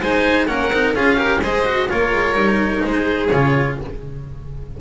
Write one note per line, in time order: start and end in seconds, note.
0.00 0.47 G#3
0.00 0.48 D#4
0.00 0.47 C5
0.00 0.46 G#5
0.46 0.70 A#3
0.46 0.71 C#4
0.46 0.96 A#4
0.46 0.93 F#5
0.70 0.94 C4
0.70 0.95 D#4
0.95 1.41 C#4
0.95 1.17 F4
0.95 1.17 G#4
0.95 1.42 F5
1.17 1.40 G4
1.17 1.41 A#4
1.41 1.88 G#3
1.41 1.65 G#4
1.41 1.88 C5
1.41 1.89 D#5
1.65 1.88 F#4
1.88 2.13 A#3
1.88 2.34 F4
1.88 2.84 A#4
1.88 2.83 C#5
2.13 2.34 G#3
2.34 2.80 G3
2.34 3.28 D#4
2.84 3.31 G#3
2.84 3.78 G#4
2.84 3.27 C5
3.27 3.78 C#3
3.27 3.80 F4
3.27 3.74 C#5